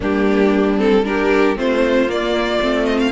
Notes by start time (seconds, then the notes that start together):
0.00 G3 A#3 D4 G4
0.77 C4 A4
1.03 D4 G4 A#4
1.55 A3 C4 F4 C5
2.06 A#3 D5
2.61 A3 C4
2.85 D#5
2.99 F5